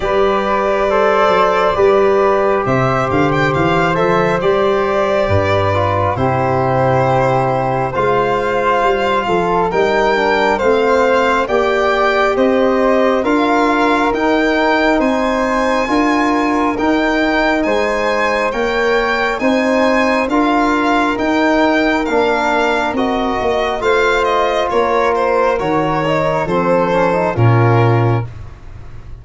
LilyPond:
<<
  \new Staff \with { instrumentName = "violin" } { \time 4/4 \tempo 4 = 68 d''2. e''8 f''16 g''16 | f''8 e''8 d''2 c''4~ | c''4 f''2 g''4 | f''4 g''4 dis''4 f''4 |
g''4 gis''2 g''4 | gis''4 g''4 gis''4 f''4 | g''4 f''4 dis''4 f''8 dis''8 | cis''8 c''8 cis''4 c''4 ais'4 | }
  \new Staff \with { instrumentName = "flute" } { \time 4/4 b'4 c''4 b'4 c''4~ | c''2 b'4 g'4~ | g'4 c''4. a'8 ais'4 | c''4 d''4 c''4 ais'4~ |
ais'4 c''4 ais'2 | c''4 cis''4 c''4 ais'4~ | ais'2. c''4 | ais'2 a'4 f'4 | }
  \new Staff \with { instrumentName = "trombone" } { \time 4/4 g'4 a'4 g'2~ | g'8 a'8 g'4. f'8 e'4~ | e'4 f'2 dis'8 d'8 | c'4 g'2 f'4 |
dis'2 f'4 dis'4~ | dis'4 ais'4 dis'4 f'4 | dis'4 d'4 fis'4 f'4~ | f'4 fis'8 dis'8 c'8 cis'16 dis'16 cis'4 | }
  \new Staff \with { instrumentName = "tuba" } { \time 4/4 g4. fis8 g4 c8 d8 | e8 f8 g4 g,4 c4~ | c4 gis4 g8 f8 g4 | a4 ais4 c'4 d'4 |
dis'4 c'4 d'4 dis'4 | gis4 ais4 c'4 d'4 | dis'4 ais4 c'8 ais8 a4 | ais4 dis4 f4 ais,4 | }
>>